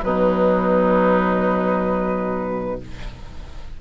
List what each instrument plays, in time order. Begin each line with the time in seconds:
0.00 bassoon B2, clarinet F#3, oboe D#4, flute B4